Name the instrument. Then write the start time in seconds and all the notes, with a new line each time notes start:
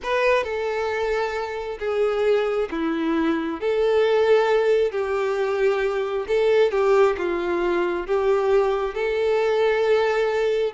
violin
0.02 B4
0.44 A4
1.79 G#4
2.70 E4
3.60 A4
4.91 G4
6.27 A4
6.71 G4
7.17 F4
8.06 G4
8.94 A4